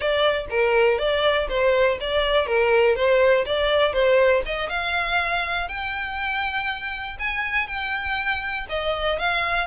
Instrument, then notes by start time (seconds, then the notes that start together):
violin
0.00 D5
0.50 A#4
0.98 D5
1.48 C5
2.00 D5
2.46 A#4
2.95 C5
3.45 D5
3.93 C5
4.45 D#5
4.69 F5
5.68 G5
7.19 G#5
7.67 G5
8.69 D#5
9.19 F5